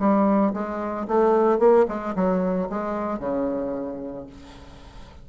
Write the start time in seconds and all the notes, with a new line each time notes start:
0.00 G3
0.54 G#3
1.08 A3
1.59 A#3
1.88 G#3
2.16 F#3
2.70 G#3
3.20 C#3